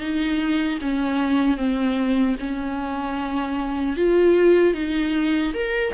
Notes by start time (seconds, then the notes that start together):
0.00 D#4
0.81 C#4
1.57 C4
2.40 C#4
3.97 F4
4.74 D#4
5.54 A#4